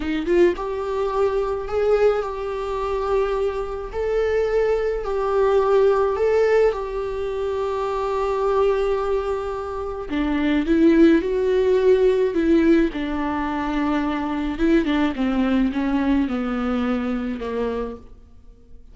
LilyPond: \new Staff \with { instrumentName = "viola" } { \time 4/4 \tempo 4 = 107 dis'8 f'8 g'2 gis'4 | g'2. a'4~ | a'4 g'2 a'4 | g'1~ |
g'2 d'4 e'4 | fis'2 e'4 d'4~ | d'2 e'8 d'8 c'4 | cis'4 b2 ais4 | }